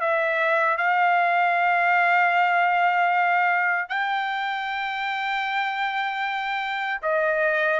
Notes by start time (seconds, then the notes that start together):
0.00 E5
0.77 F5
3.89 G5
7.02 D#5